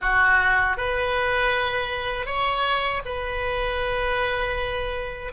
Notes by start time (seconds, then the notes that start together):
0.01 F#4
0.77 B4
2.25 C#5
3.05 B4